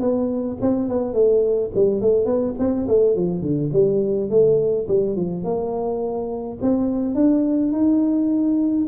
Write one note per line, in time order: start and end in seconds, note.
0.00 0.57 B3
0.61 0.89 C4
0.89 1.13 B3
1.13 1.70 A3
1.75 2.01 G3
2.01 2.25 A3
2.25 2.54 B3
2.58 2.87 C4
2.88 3.16 A3
3.16 3.41 F3
3.41 3.70 D3
3.72 4.30 G3
4.30 4.87 A3
4.88 5.16 G3
5.16 5.44 F3
5.44 6.58 A#3
6.61 7.15 C4
7.15 7.72 D4
7.72 8.86 D#4